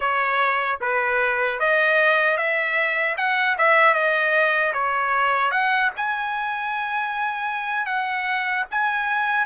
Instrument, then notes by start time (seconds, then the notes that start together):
trumpet
0.00 C#5
0.80 B4
1.59 D#5
2.37 E5
3.17 F#5
3.58 E5
3.94 D#5
4.73 C#5
5.50 F#5
5.96 G#5
7.86 F#5
8.70 G#5